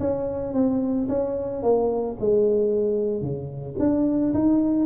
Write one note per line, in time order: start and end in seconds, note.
0.00 0.54 C#4
0.54 1.08 C4
1.09 1.63 C#4
1.63 2.17 A#3
2.20 3.22 G#3
3.22 3.76 C#3
3.79 4.33 D4
4.34 4.86 D#4